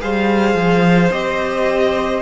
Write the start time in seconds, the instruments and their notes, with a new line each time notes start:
0.00 cello G3, viola G#4, violin C5 F5
0.54 cello F3
1.11 cello C4, viola G4, violin D#5